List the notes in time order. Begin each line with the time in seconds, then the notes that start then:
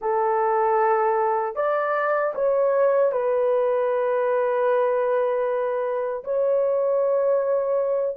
0.01 A4
1.55 D5
2.34 C#5
3.12 B4
6.23 C#5